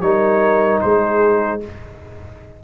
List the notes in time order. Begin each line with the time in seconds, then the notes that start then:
0.00 G3 D#4 A#4 C#5
0.81 G#3 G#4 C5